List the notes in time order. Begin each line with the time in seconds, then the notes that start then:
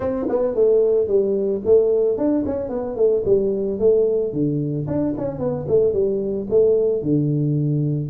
0.00 C4
0.28 B3
0.55 A3
1.07 G3
1.65 A3
2.17 D4
2.45 C#4
2.69 B3
2.96 A3
3.25 G3
3.79 A3
4.32 D3
4.87 D4
5.17 C#4
5.39 B3
5.68 A3
5.93 G3
6.49 A3
7.02 D3